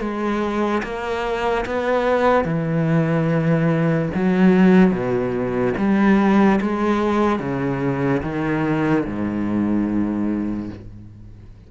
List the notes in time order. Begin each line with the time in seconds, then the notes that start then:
0.00 G#3
0.83 A#3
1.66 B3
2.44 E3
4.14 F#3
4.91 B2
5.77 G3
6.61 G#3
7.39 C#3
8.22 D#3
9.05 G#2